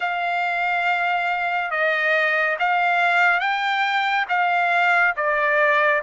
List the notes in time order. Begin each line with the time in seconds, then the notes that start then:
0.00 F5
1.71 D#5
2.59 F5
3.40 G5
4.28 F5
5.16 D5